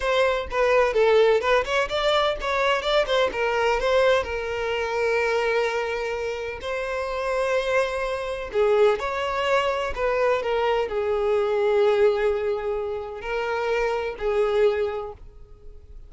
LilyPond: \new Staff \with { instrumentName = "violin" } { \time 4/4 \tempo 4 = 127 c''4 b'4 a'4 b'8 cis''8 | d''4 cis''4 d''8 c''8 ais'4 | c''4 ais'2.~ | ais'2 c''2~ |
c''2 gis'4 cis''4~ | cis''4 b'4 ais'4 gis'4~ | gis'1 | ais'2 gis'2 | }